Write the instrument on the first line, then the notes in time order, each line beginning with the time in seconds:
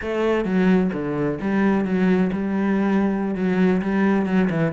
cello
0.01 A3
0.44 F#3
0.92 D3
1.41 G3
1.84 F#3
2.32 G3
3.35 F#3
3.81 G3
4.26 F#3
4.50 E3